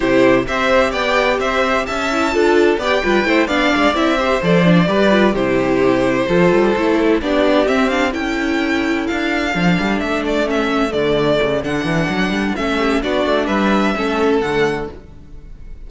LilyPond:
<<
  \new Staff \with { instrumentName = "violin" } { \time 4/4 \tempo 4 = 129 c''4 e''4 g''4 e''4 | a''2 g''4. f''8~ | f''8 e''4 d''2 c''8~ | c''2.~ c''8 d''8~ |
d''8 e''8 f''8 g''2 f''8~ | f''4. e''8 d''8 e''4 d''8~ | d''4 fis''2 e''4 | d''4 e''2 fis''4 | }
  \new Staff \with { instrumentName = "violin" } { \time 4/4 g'4 c''4 d''4 c''4 | e''4 a'4 d''8 b'8 c''8 d''8~ | d''4 c''4. b'4 g'8~ | g'4. a'2 g'8~ |
g'4. a'2~ a'8~ | a'1~ | a'2.~ a'8 g'8 | fis'4 b'4 a'2 | }
  \new Staff \with { instrumentName = "viola" } { \time 4/4 e'4 g'2.~ | g'8 e'8 f'4 g'8 f'8 e'8 d'8~ | d'8 e'8 g'8 a'8 d'8 g'8 f'8 e'8~ | e'4. f'4 e'4 d'8~ |
d'8 c'8 d'8 e'2~ e'8~ | e'8 d'2 cis'4 a8~ | a4 d'2 cis'4 | d'2 cis'4 a4 | }
  \new Staff \with { instrumentName = "cello" } { \time 4/4 c4 c'4 b4 c'4 | cis'4 d'4 b8 g8 a8 b8 | gis8 c'4 f4 g4 c8~ | c4. f8 g8 a4 b8~ |
b8 c'4 cis'2 d'8~ | d'8 f8 g8 a2 d8~ | d8 cis8 d8 e8 fis8 g8 a4 | b8 a8 g4 a4 d4 | }
>>